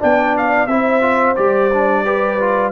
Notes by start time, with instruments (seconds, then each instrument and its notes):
0.00 tuba B3, trombone D4, horn D5, trumpet G5
0.37 trumpet F5
0.67 tuba C4, trombone E4, horn C5, trumpet E5
1.01 trombone F4
1.36 tuba G3, trombone G4, trumpet D5
1.73 trombone D4
2.04 trombone G4, horn B4
2.39 trombone F4